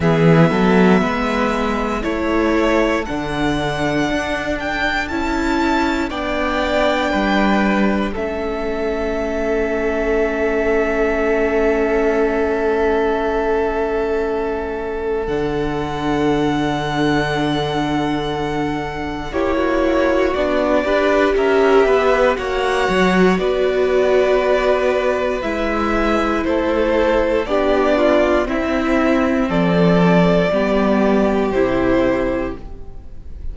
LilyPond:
<<
  \new Staff \with { instrumentName = "violin" } { \time 4/4 \tempo 4 = 59 e''2 cis''4 fis''4~ | fis''8 g''8 a''4 g''2 | e''1~ | e''2. fis''4~ |
fis''2. cis''4 | d''4 e''4 fis''4 d''4~ | d''4 e''4 c''4 d''4 | e''4 d''2 c''4 | }
  \new Staff \with { instrumentName = "violin" } { \time 4/4 gis'8 a'8 b'4 a'2~ | a'2 d''4 b'4 | a'1~ | a'1~ |
a'2. g'16 fis'8.~ | fis'8 b'8 ais'8 b'8 cis''4 b'4~ | b'2 a'4 g'8 f'8 | e'4 a'4 g'2 | }
  \new Staff \with { instrumentName = "viola" } { \time 4/4 b2 e'4 d'4~ | d'4 e'4 d'2 | cis'1~ | cis'2. d'4~ |
d'2. e'4 | d'8 g'4. fis'2~ | fis'4 e'2 d'4 | c'2 b4 e'4 | }
  \new Staff \with { instrumentName = "cello" } { \time 4/4 e8 fis8 gis4 a4 d4 | d'4 cis'4 b4 g4 | a1~ | a2. d4~ |
d2. ais4 | b8 d'8 cis'8 b8 ais8 fis8 b4~ | b4 gis4 a4 b4 | c'4 f4 g4 c4 | }
>>